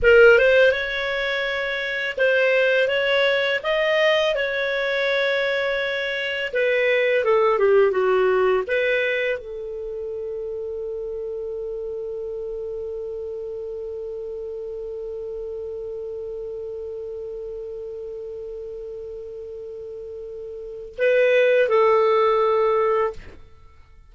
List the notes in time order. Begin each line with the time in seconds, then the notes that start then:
0.02 A#4
0.38 C5
0.71 C#5
2.17 C5
2.88 C#5
3.63 D#5
4.35 C#5
6.53 B4
7.24 A4
7.58 G4
7.91 F#4
8.67 B4
9.38 A4
20.98 B4
21.68 A4